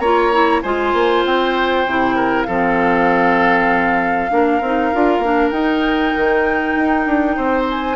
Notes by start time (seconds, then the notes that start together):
0.00 A#3 F4 C#5 A#5
0.33 E4
0.63 G#3 F4 C5 G#5
0.94 A#3
1.26 C4 G5
1.86 C3 E4
2.16 A#4
2.43 F3 C4 A4 F5
4.31 A#3 D4 A#4
4.61 C4 D#4
4.94 D4 F4
5.19 A#3 D4
5.51 D#4 G5
6.17 D#3
6.76 D#4
7.07 D4
7.37 C4 C5
7.70 G#5